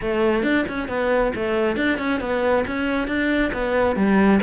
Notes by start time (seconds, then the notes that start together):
0.01 A3
0.43 D4
0.68 C#4
0.88 B3
1.35 A3
1.76 D4
1.98 C#4
2.20 B3
2.66 C#4
3.07 D4
3.53 B3
3.96 G3